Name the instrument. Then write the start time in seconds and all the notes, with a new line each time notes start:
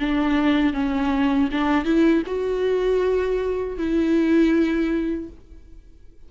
viola
0.00 D4
0.74 C#4
1.52 D4
1.85 E4
2.27 F#4
3.78 E4